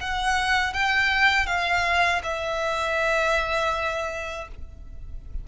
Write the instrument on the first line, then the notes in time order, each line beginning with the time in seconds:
violin
0.00 F#5
0.73 G5
1.46 F5
2.23 E5